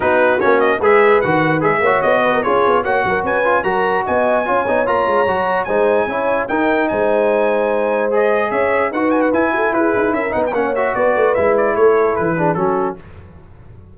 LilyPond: <<
  \new Staff \with { instrumentName = "trumpet" } { \time 4/4 \tempo 4 = 148 b'4 cis''8 dis''8 e''4 fis''4 | e''4 dis''4 cis''4 fis''4 | gis''4 ais''4 gis''2 | ais''2 gis''2 |
g''4 gis''2. | dis''4 e''4 fis''8 gis''16 fis''16 gis''4 | b'4 e''8 fis''16 g''16 fis''8 e''8 d''4 | e''8 d''8 cis''4 b'4 a'4 | }
  \new Staff \with { instrumentName = "horn" } { \time 4/4 fis'2 b'2~ | b'8 cis''4 b'16 ais'16 gis'4 cis''8 ais'8 | b'4 ais'4 dis''4 cis''4~ | cis''2 c''4 cis''4 |
ais'4 c''2.~ | c''4 cis''4 b'4. a'8 | gis'4 ais'8 b'8 cis''4 b'4~ | b'4 a'4. gis'8 fis'4 | }
  \new Staff \with { instrumentName = "trombone" } { \time 4/4 dis'4 cis'4 gis'4 fis'4 | gis'8 fis'4. f'4 fis'4~ | fis'8 f'8 fis'2 f'8 dis'8 | f'4 fis'4 dis'4 e'4 |
dis'1 | gis'2 fis'4 e'4~ | e'4. dis'8 cis'8 fis'4. | e'2~ e'8 d'8 cis'4 | }
  \new Staff \with { instrumentName = "tuba" } { \time 4/4 b4 ais4 gis4 dis4 | gis8 ais8 b4 cis'8 b8 ais8 fis8 | cis'4 fis4 b4 cis'8 b8 | ais8 gis8 fis4 gis4 cis'4 |
dis'4 gis2.~ | gis4 cis'4 dis'4 e'8 fis'8 | e'8 dis'8 cis'8 b8 ais4 b8 a8 | gis4 a4 e4 fis4 | }
>>